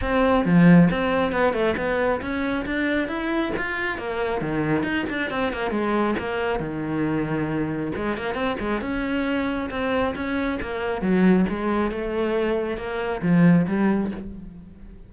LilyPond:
\new Staff \with { instrumentName = "cello" } { \time 4/4 \tempo 4 = 136 c'4 f4 c'4 b8 a8 | b4 cis'4 d'4 e'4 | f'4 ais4 dis4 dis'8 d'8 | c'8 ais8 gis4 ais4 dis4~ |
dis2 gis8 ais8 c'8 gis8 | cis'2 c'4 cis'4 | ais4 fis4 gis4 a4~ | a4 ais4 f4 g4 | }